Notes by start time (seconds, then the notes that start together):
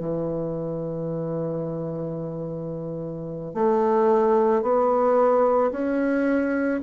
0.00 E3
3.55 A3
4.62 B3
5.72 C#4